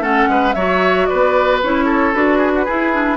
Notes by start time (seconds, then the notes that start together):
0.00 A3 C#4 A4 F#5
0.29 G#3 B4
0.53 F#3 F#4 C#5 E5
1.06 B4 D5
1.13 B3
1.63 C#4 E4 C#5
1.86 A4
2.14 D4 F#4 B4
2.38 G#4
2.55 F#4
2.65 E4 G#4
2.93 D4